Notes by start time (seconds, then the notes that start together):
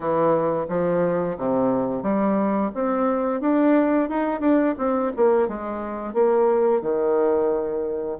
0.00 E3
0.68 F3
1.37 C3
2.02 G3
2.74 C4
3.41 D4
4.09 D#4
4.40 D4
4.77 C4
5.16 A#3
5.47 G#3
6.13 A#3
6.81 D#3